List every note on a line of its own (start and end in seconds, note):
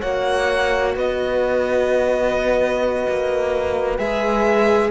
0.00 0.96 A#3
0.00 4.00 F#4
0.00 0.94 C#5
0.00 0.95 F#5
0.96 3.07 B3
0.96 4.91 B4
0.96 3.99 D#5
3.09 3.98 A#3
3.98 4.91 G#3
3.98 4.91 G#4
3.98 4.91 E5